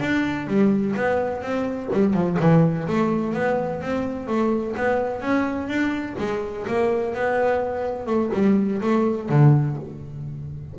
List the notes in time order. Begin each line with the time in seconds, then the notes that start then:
0.00 D4
0.47 G3
0.96 B3
1.42 C4
1.93 G3
2.13 F3
2.39 E3
2.88 A3
3.34 B3
3.81 C4
4.27 A3
4.77 B3
5.21 C#4
5.68 D4
6.18 G#3
6.67 A#3
7.14 B3
8.06 A3
8.33 G3
8.82 A3
9.29 D3